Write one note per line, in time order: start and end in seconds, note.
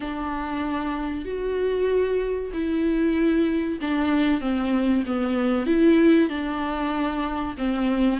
0.00 1.25 D4
1.25 2.51 F#4
2.53 3.79 E4
3.81 4.40 D4
4.40 5.04 C4
5.06 5.66 B3
5.66 6.29 E4
6.29 7.55 D4
7.57 8.19 C4